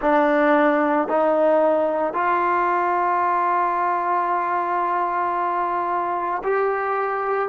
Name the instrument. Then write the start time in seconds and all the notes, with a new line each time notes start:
trombone
0.01 D4
1.08 D#4
2.13 F4
6.43 G4